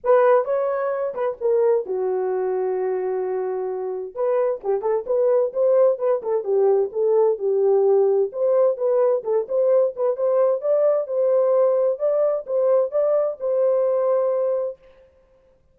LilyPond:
\new Staff \with { instrumentName = "horn" } { \time 4/4 \tempo 4 = 130 b'4 cis''4. b'8 ais'4 | fis'1~ | fis'4 b'4 g'8 a'8 b'4 | c''4 b'8 a'8 g'4 a'4 |
g'2 c''4 b'4 | a'8 c''4 b'8 c''4 d''4 | c''2 d''4 c''4 | d''4 c''2. | }